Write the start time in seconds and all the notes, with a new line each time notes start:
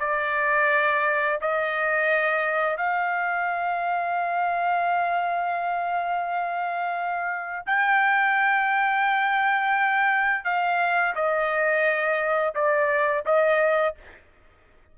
0.00 D5
1.41 D#5
2.78 F5
7.67 G5
10.45 F5
11.15 D#5
12.55 D5
13.26 D#5